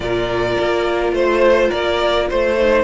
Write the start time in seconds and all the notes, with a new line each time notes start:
0.00 A#2 F4 A#4 D5
0.59 A#3
1.12 A3 C5
1.68 A#3 A#4 D5
2.29 A3 C5
2.57 D#4